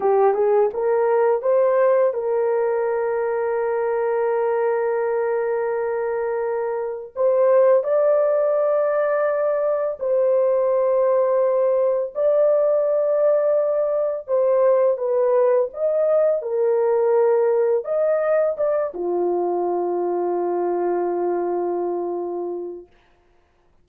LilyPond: \new Staff \with { instrumentName = "horn" } { \time 4/4 \tempo 4 = 84 g'8 gis'8 ais'4 c''4 ais'4~ | ais'1~ | ais'2 c''4 d''4~ | d''2 c''2~ |
c''4 d''2. | c''4 b'4 dis''4 ais'4~ | ais'4 dis''4 d''8 f'4.~ | f'1 | }